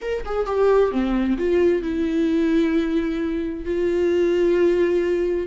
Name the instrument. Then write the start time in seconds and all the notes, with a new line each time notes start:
viola
0.01 A#4
0.25 G#4
0.46 G4
0.91 C4
1.37 F4
1.82 E4
3.65 F4